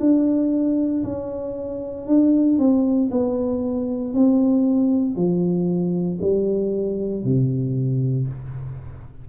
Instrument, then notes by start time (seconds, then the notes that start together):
tuba
0.00 D4
1.03 C#4
2.07 D4
2.59 C4
3.11 B3
4.14 C4
5.15 F3
6.21 G3
7.24 C3